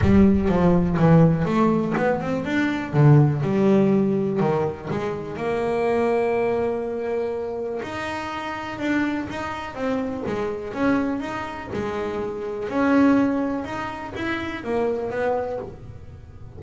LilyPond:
\new Staff \with { instrumentName = "double bass" } { \time 4/4 \tempo 4 = 123 g4 f4 e4 a4 | b8 c'8 d'4 d4 g4~ | g4 dis4 gis4 ais4~ | ais1 |
dis'2 d'4 dis'4 | c'4 gis4 cis'4 dis'4 | gis2 cis'2 | dis'4 e'4 ais4 b4 | }